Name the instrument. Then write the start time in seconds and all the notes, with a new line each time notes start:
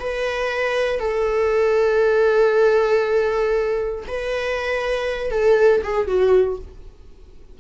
viola
0.00 B4
1.00 A4
4.08 B4
5.31 A4
5.83 G#4
6.07 F#4